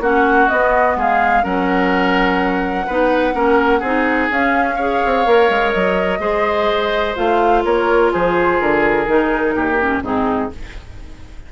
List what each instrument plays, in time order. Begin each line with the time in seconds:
0.00 bassoon A#3, clarinet C#4, oboe F#4, flute F#5
0.49 clarinet B3, bassoon B3, flute D#5
0.97 bassoon G#3, oboe G#4, flute F5
1.43 bassoon F#3, clarinet C#4, oboe A#4, flute F#5
2.87 bassoon B3, clarinet D#4, oboe B4
3.34 bassoon A#3, clarinet C#4, oboe A#4
3.80 bassoon C4, clarinet D#4, oboe G#4
4.31 bassoon C#4, clarinet C#4, flute F5
4.76 clarinet G#4, oboe C#5
5.06 bassoon C4
5.26 bassoon A#3, clarinet A#4
5.50 bassoon G#3
5.73 bassoon F#3, flute D#5
6.20 bassoon G#3, clarinet G#4, oboe C5
7.16 bassoon A3, clarinet F4, flute F5
7.65 bassoon A#3, oboe A#4, flute C#5
8.13 bassoon F3, oboe G#4, flute C5
8.61 bassoon D3, flute A#4
9.07 bassoon D#3, clarinet D#4
9.55 bassoon D#2, oboe G4
9.80 clarinet C#4
10.03 bassoon G#2, clarinet C4, oboe D#4, flute G#4